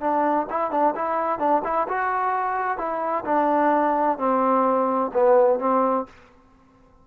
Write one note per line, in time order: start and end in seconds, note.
0.00 0.47 D4
0.50 0.71 E4
0.71 0.94 D4
0.95 1.39 E4
1.39 1.62 D4
1.64 1.87 E4
1.88 2.78 F#4
2.78 3.24 E4
3.25 4.18 D4
4.18 5.11 C4
5.13 5.59 B3
5.59 6.06 C4